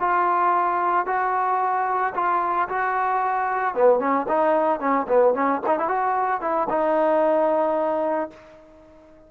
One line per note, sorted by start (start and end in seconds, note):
0.00 1.06 F4
1.06 2.14 F#4
2.15 2.69 F4
2.69 3.75 F#4
3.75 4.00 B3
4.00 4.27 C#4
4.28 4.80 D#4
4.80 5.07 C#4
5.08 5.34 B3
5.34 5.61 C#4
5.67 5.79 D#4
5.79 5.89 E4
5.89 6.41 F#4
6.41 6.68 E4
6.70 8.30 D#4